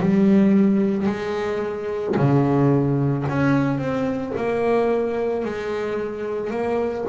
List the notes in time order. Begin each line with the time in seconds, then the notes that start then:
0.00 G3
1.06 G#3
2.16 C#3
3.28 C#4
3.77 C4
4.36 A#3
5.44 G#3
6.50 A#3